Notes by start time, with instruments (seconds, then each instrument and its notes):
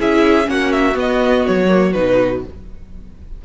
0.00 cello C#4, viola E4, violin G#4 E5
0.45 cello A#3, viola C#4, violin F#4 F#5
0.72 violin E5
0.94 viola B3, cello B3, violin D#5
1.47 cello F#3, violin C#5
1.69 viola A#3
1.93 cello B2, viola D#4, violin B4